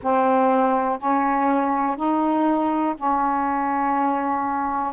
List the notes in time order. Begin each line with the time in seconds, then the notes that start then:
0.02 C4
0.98 C#4
1.96 D#4
2.96 C#4